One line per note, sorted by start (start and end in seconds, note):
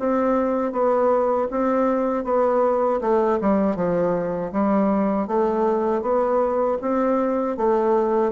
0.00 0.72 C4
0.72 1.48 B3
1.51 2.25 C4
2.25 3.01 B3
3.01 3.39 A3
3.42 3.77 G3
3.77 4.53 F3
4.53 5.28 G3
5.28 6.02 A3
6.02 6.78 B3
6.82 7.57 C4
7.57 8.33 A3